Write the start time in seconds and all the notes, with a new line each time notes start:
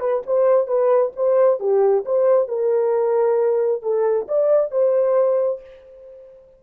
0.00 B4
0.26 C5
0.67 B4
1.16 C5
1.60 G4
2.05 C5
2.48 A#4
3.83 A4
4.28 D5
4.71 C5